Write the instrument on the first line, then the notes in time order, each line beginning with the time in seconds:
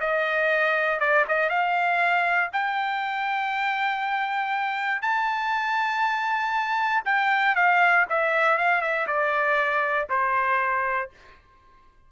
trumpet
0.00 D#5
1.00 D5
1.28 D#5
1.49 F5
2.52 G5
5.02 A5
7.05 G5
7.55 F5
8.09 E5
8.58 F5
8.81 E5
9.07 D5
10.09 C5